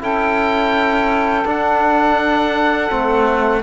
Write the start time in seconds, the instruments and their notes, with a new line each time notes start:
0.00 cello C#4, trombone E4, saxophone A4, oboe G5
1.45 cello D4, trombone D4, oboe F#5
2.89 cello A3, trombone C4